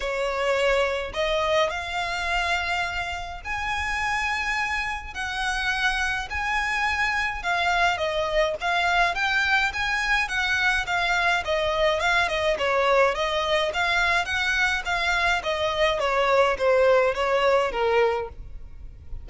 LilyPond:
\new Staff \with { instrumentName = "violin" } { \time 4/4 \tempo 4 = 105 cis''2 dis''4 f''4~ | f''2 gis''2~ | gis''4 fis''2 gis''4~ | gis''4 f''4 dis''4 f''4 |
g''4 gis''4 fis''4 f''4 | dis''4 f''8 dis''8 cis''4 dis''4 | f''4 fis''4 f''4 dis''4 | cis''4 c''4 cis''4 ais'4 | }